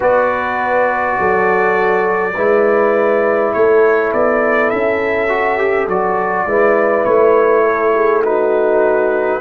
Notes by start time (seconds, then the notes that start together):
0.00 B3 F#4 B4 D5
1.19 F#3 A4
2.34 G#3 E4 B4
3.53 A3 A4 C#5
4.12 B3 D5
4.70 C#4 E5
5.28 F#4
5.58 G4
5.86 F#3 F#4 D5
6.45 G#3 E4 B4
7.04 A3 C#5
7.63 A4
7.94 G#4
8.23 D#4 F#4 B4